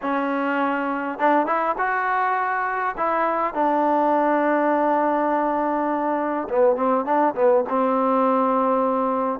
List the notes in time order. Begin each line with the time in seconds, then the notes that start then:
0.02 C#4
1.18 D4
1.46 E4
1.78 F#4
2.97 E4
3.54 D4
6.49 B3
6.75 C4
7.05 D4
7.34 B3
7.69 C4